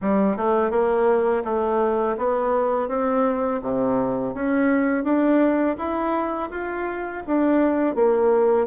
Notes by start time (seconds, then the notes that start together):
0.01 G3
0.36 A3
0.70 A#3
1.44 A3
2.17 B3
2.88 C4
3.62 C3
4.34 C#4
5.04 D4
5.77 E4
6.50 F4
7.26 D4
7.95 A#3